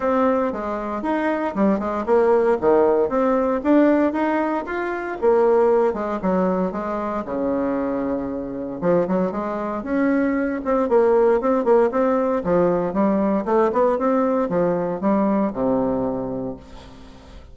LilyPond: \new Staff \with { instrumentName = "bassoon" } { \time 4/4 \tempo 4 = 116 c'4 gis4 dis'4 g8 gis8 | ais4 dis4 c'4 d'4 | dis'4 f'4 ais4. gis8 | fis4 gis4 cis2~ |
cis4 f8 fis8 gis4 cis'4~ | cis'8 c'8 ais4 c'8 ais8 c'4 | f4 g4 a8 b8 c'4 | f4 g4 c2 | }